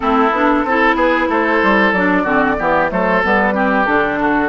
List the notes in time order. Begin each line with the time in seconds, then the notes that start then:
0.00 A3 C4 E4 A4
0.31 B3 D4
0.64 C4 E4 A4
0.94 B3 G#4 B4
1.29 A3 A4 C5
1.62 G3
1.92 F#3 D4 D5
2.23 D3 C4 F#4
2.58 E3 B3 G4
2.89 F#3 A3 A4 C5
3.23 G3 B3 B4
3.53 C4 G4
3.85 D3 D4 A4
4.20 F#4